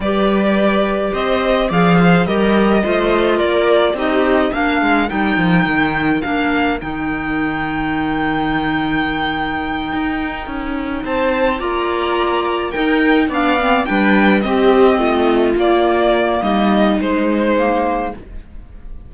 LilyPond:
<<
  \new Staff \with { instrumentName = "violin" } { \time 4/4 \tempo 4 = 106 d''2 dis''4 f''4 | dis''2 d''4 dis''4 | f''4 g''2 f''4 | g''1~ |
g''2.~ g''8 a''8~ | a''8 ais''2 g''4 f''8~ | f''8 g''4 dis''2 d''8~ | d''4 dis''4 c''2 | }
  \new Staff \with { instrumentName = "viola" } { \time 4/4 b'2 c''4 d''8 c''8 | ais'4 c''4 ais'4 g'4 | ais'1~ | ais'1~ |
ais'2.~ ais'8 c''8~ | c''8 d''2 ais'4 d''8~ | d''8 b'4 g'4 f'4.~ | f'4 dis'2. | }
  \new Staff \with { instrumentName = "clarinet" } { \time 4/4 g'2. gis'4 | g'4 f'2 dis'4 | d'4 dis'2 d'4 | dis'1~ |
dis'1~ | dis'8 f'2 dis'4 d'8 | c'8 d'4 c'2 ais8~ | ais2 gis4 ais4 | }
  \new Staff \with { instrumentName = "cello" } { \time 4/4 g2 c'4 f4 | g4 a4 ais4 c'4 | ais8 gis8 g8 f8 dis4 ais4 | dis1~ |
dis4. dis'4 cis'4 c'8~ | c'8 ais2 dis'4 b8~ | b8 g4 c'4 a4 ais8~ | ais4 g4 gis2 | }
>>